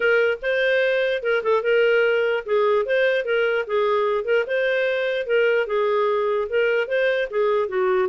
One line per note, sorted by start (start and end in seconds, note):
0.00 0.38 A#4
0.42 1.22 C5
1.22 1.43 A#4
1.43 1.63 A4
1.63 2.44 A#4
2.45 2.85 G#4
2.85 3.24 C5
3.24 3.65 A#4
3.66 4.24 G#4
4.24 4.44 A#4
4.46 5.26 C5
5.26 5.66 A#4
5.66 6.48 G#4
6.49 6.87 A#4
6.87 7.28 C5
7.30 7.68 G#4
7.68 8.08 F#4